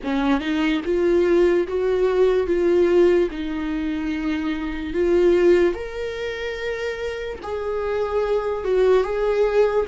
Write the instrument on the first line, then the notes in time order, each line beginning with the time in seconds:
viola
0.03 C#4
0.40 D#4
0.84 F4
1.67 F#4
2.46 F4
3.31 D#4
4.93 F4
5.74 A#4
7.42 G#4
8.64 F#4
9.03 G#4